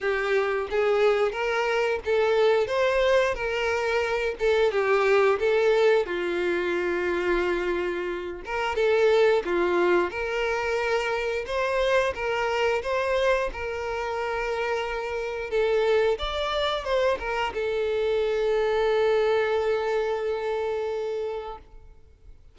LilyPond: \new Staff \with { instrumentName = "violin" } { \time 4/4 \tempo 4 = 89 g'4 gis'4 ais'4 a'4 | c''4 ais'4. a'8 g'4 | a'4 f'2.~ | f'8 ais'8 a'4 f'4 ais'4~ |
ais'4 c''4 ais'4 c''4 | ais'2. a'4 | d''4 c''8 ais'8 a'2~ | a'1 | }